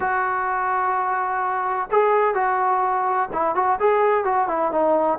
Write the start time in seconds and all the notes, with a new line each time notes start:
0.00 F#4
1.91 G#4
2.34 F#4
3.33 E4
3.55 F#4
3.79 G#4
4.24 F#4
4.48 E4
4.71 D#4